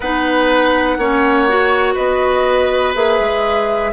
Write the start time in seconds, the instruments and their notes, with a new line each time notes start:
0.00 bassoon B3, clarinet D#4, oboe B4, flute F#5
0.97 bassoon A#3, clarinet C#4, oboe C#5
1.48 clarinet F#4
1.94 bassoon B3, oboe B4, flute D#5
2.94 bassoon A#3, clarinet G#4, flute E5
3.19 bassoon G#3